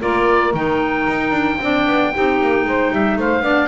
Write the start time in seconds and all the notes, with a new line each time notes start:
0.00 A#3 F4 A#4 D5
0.53 D#3 D#4 G5
1.07 D#4
1.30 D4
1.60 C4 D4 D5
1.86 B3
2.12 C4 D#4 G4
2.41 A#3
2.64 G#3 C5
2.91 G3 E5
3.16 A3 C5 F5
3.41 B3 D4 D5